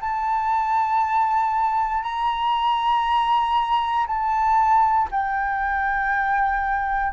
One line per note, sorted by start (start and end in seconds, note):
0.00 2.02 A5
2.02 4.05 A#5
4.06 5.08 A5
5.11 7.12 G5